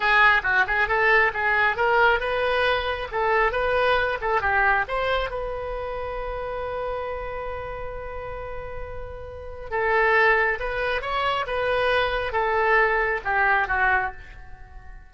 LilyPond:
\new Staff \with { instrumentName = "oboe" } { \time 4/4 \tempo 4 = 136 gis'4 fis'8 gis'8 a'4 gis'4 | ais'4 b'2 a'4 | b'4. a'8 g'4 c''4 | b'1~ |
b'1~ | b'2 a'2 | b'4 cis''4 b'2 | a'2 g'4 fis'4 | }